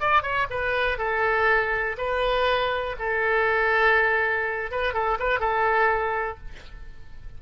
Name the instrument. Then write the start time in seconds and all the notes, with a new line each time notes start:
oboe
0.00 D5
0.22 C#5
0.50 B4
0.98 A4
1.97 B4
2.99 A4
4.71 B4
4.93 A4
5.19 B4
5.39 A4